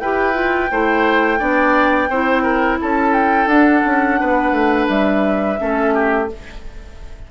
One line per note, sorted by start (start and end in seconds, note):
0.00 0.71 E4
0.00 0.34 G4
0.00 0.71 B4
0.00 2.79 G5
0.34 0.69 F4
0.72 1.41 A3
0.72 1.39 E4
0.72 1.39 C5
1.39 2.09 B3
1.39 2.09 D4
1.39 2.09 D5
2.09 2.79 C4
2.09 3.49 E4
2.09 2.43 C5
2.43 2.78 A#4
2.82 3.47 C#4
2.82 4.20 A4
2.82 3.14 A5
3.14 3.48 G5
3.47 3.82 D4
3.47 5.58 D4
3.47 4.88 F#5
3.86 4.21 C#4
4.20 4.52 B3
4.20 5.60 B4
4.52 4.87 A3
4.89 5.58 G3
4.89 6.29 E5
5.58 6.31 A3
5.58 6.28 C#4
5.58 5.94 A4
5.94 6.29 G4